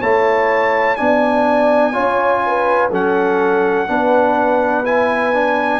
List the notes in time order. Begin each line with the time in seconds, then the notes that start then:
0.00 A3 E4 C#5 A5
0.96 B3 D4 D5 G#5
1.93 C#4 F4 C#5
2.46 B4
2.91 F#3 C#4 A4 F#5
3.87 B3 D4 B4
4.85 E4 G#5
5.33 D4